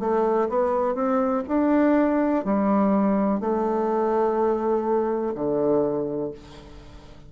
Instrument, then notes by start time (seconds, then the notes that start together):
bassoon
0.00 A3
0.49 B3
0.95 C4
1.48 D4
2.45 G3
3.40 A3
5.35 D3